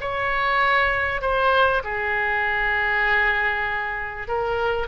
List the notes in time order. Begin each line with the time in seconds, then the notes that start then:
0.00 C#5
1.21 C5
1.83 G#4
4.27 A#4